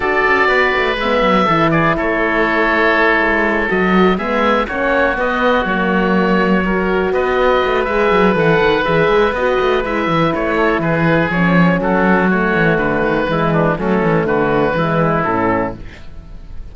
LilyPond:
<<
  \new Staff \with { instrumentName = "oboe" } { \time 4/4 \tempo 4 = 122 d''2 e''4. d''8 | cis''2.~ cis''8 dis''8~ | dis''8 e''4 cis''4 dis''4 cis''8~ | cis''2~ cis''8 dis''4. |
e''4 fis''4 e''4 dis''4 | e''4 cis''4 b'4 cis''4 | a'4 cis''4 b'2 | a'4 b'2 a'4 | }
  \new Staff \with { instrumentName = "oboe" } { \time 4/4 a'4 b'2 a'8 gis'8 | a'1~ | a'8 gis'4 fis'2~ fis'8~ | fis'4. ais'4 b'4.~ |
b'1~ | b'4. a'8 gis'2 | fis'2. e'8 d'8 | cis'4 fis'4 e'2 | }
  \new Staff \with { instrumentName = "horn" } { \time 4/4 fis'2 b4 e'4~ | e'2.~ e'8 fis'8~ | fis'8 b4 cis'4 b4 ais8~ | ais4. fis'2~ fis'8 |
gis'4 a'4 gis'4 fis'4 | e'2. cis'4~ | cis'4 a2 gis4 | a2 gis4 cis'4 | }
  \new Staff \with { instrumentName = "cello" } { \time 4/4 d'8 cis'8 b8 a8 gis8 fis8 e4 | a2~ a8 gis4 fis8~ | fis8 gis4 ais4 b4 fis8~ | fis2~ fis8 b4 a8 |
gis8 fis8 e8 dis8 e8 gis8 b8 a8 | gis8 e8 a4 e4 f4 | fis4. e8 d8 dis8 e4 | fis8 e8 d4 e4 a,4 | }
>>